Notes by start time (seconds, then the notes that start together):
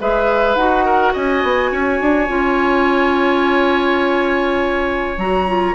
0.00 G#3 G#4 B4 E5
0.56 D#4 F#4 F#5
0.85 A#4
1.13 C#4 D#5 G#5
1.44 B3
1.72 C#4 C#5
2.01 D4
2.28 C#4 F4
5.18 F#3 F#4 A#5
5.48 F4